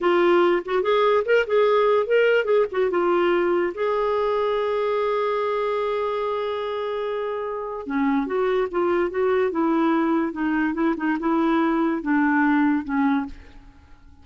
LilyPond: \new Staff \with { instrumentName = "clarinet" } { \time 4/4 \tempo 4 = 145 f'4. fis'8 gis'4 ais'8 gis'8~ | gis'4 ais'4 gis'8 fis'8 f'4~ | f'4 gis'2.~ | gis'1~ |
gis'2. cis'4 | fis'4 f'4 fis'4 e'4~ | e'4 dis'4 e'8 dis'8 e'4~ | e'4 d'2 cis'4 | }